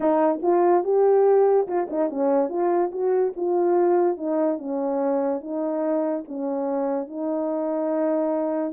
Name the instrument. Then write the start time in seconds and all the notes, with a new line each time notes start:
horn
0.00 D#4
0.42 F4
0.83 G4
1.67 F4
1.90 D#4
2.09 C#4
2.49 F4
2.91 F#4
3.36 F4
4.17 D#4
4.58 C#4
5.40 D#4
6.28 C#4
7.07 D#4